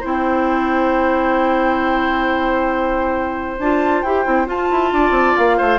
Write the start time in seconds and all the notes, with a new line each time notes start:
0.00 C4 E4 C5 G5
3.58 D4 F4 A5
4.02 E4 G4 G5
4.24 C4 E4
4.46 F4 A5
4.70 E4
4.92 D4 D5
5.10 C4
5.37 A#3 F5
5.57 A3 C5